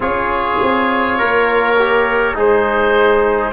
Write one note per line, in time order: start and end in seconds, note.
0.00 0.58 C#4
0.00 1.75 F4
0.00 1.18 G#4
0.00 2.36 C#5
0.61 1.20 C4
1.18 2.35 A#3
1.18 2.35 A#4
1.78 2.35 G4
2.35 3.53 G#3
2.35 3.52 D#4
2.35 3.53 G#4
2.35 3.53 C5